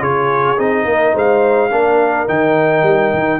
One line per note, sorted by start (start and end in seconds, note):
0.00 0.58 C#3
0.00 0.57 F4
0.00 0.85 G#4
0.00 0.59 C#5
0.57 0.85 C4
0.57 1.70 D#4
0.57 1.16 D#5
0.85 1.13 A#3
0.85 1.13 A#4
1.13 1.71 G#3
1.13 1.70 C5
1.13 2.28 F5
1.71 2.28 A#3
1.71 2.27 D4
1.71 3.39 A#4
2.27 2.83 D#3
2.27 3.39 D#4
2.27 3.39 G5
2.83 3.11 G3
3.13 3.39 D#3